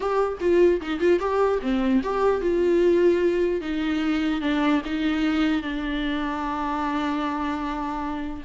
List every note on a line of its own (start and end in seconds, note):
0.00 0.38 G4
0.40 0.80 F4
0.81 1.00 D#4
1.00 1.19 F4
1.19 1.59 G4
1.61 2.02 C4
2.03 2.41 G4
2.41 3.61 F4
3.61 4.41 D#4
4.41 4.81 D4
4.85 5.62 D#4
5.62 8.43 D4